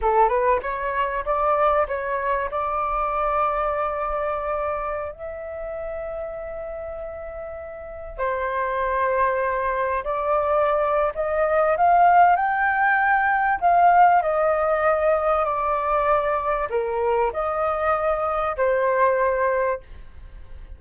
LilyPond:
\new Staff \with { instrumentName = "flute" } { \time 4/4 \tempo 4 = 97 a'8 b'8 cis''4 d''4 cis''4 | d''1~ | d''16 e''2.~ e''8.~ | e''4~ e''16 c''2~ c''8.~ |
c''16 d''4.~ d''16 dis''4 f''4 | g''2 f''4 dis''4~ | dis''4 d''2 ais'4 | dis''2 c''2 | }